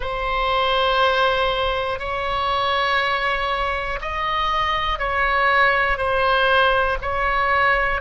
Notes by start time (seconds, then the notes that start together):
0.00 C5
1.99 C#5
4.01 D#5
4.99 C#5
5.97 C5
7.01 C#5